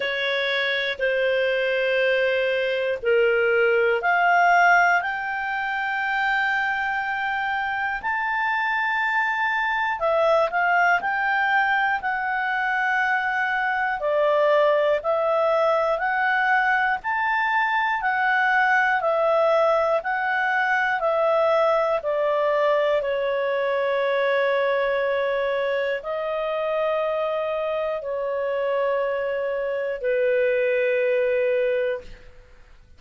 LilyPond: \new Staff \with { instrumentName = "clarinet" } { \time 4/4 \tempo 4 = 60 cis''4 c''2 ais'4 | f''4 g''2. | a''2 e''8 f''8 g''4 | fis''2 d''4 e''4 |
fis''4 a''4 fis''4 e''4 | fis''4 e''4 d''4 cis''4~ | cis''2 dis''2 | cis''2 b'2 | }